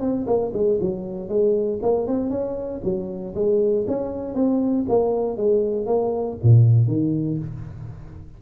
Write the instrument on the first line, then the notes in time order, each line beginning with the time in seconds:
tuba
0.00 C4
0.26 A#3
0.53 G#3
0.80 F#3
1.28 G#3
1.82 A#3
2.07 C4
2.30 C#4
2.83 F#3
3.35 G#3
3.87 C#4
4.35 C4
4.88 A#3
5.37 G#3
5.86 A#3
6.43 A#2
6.87 D#3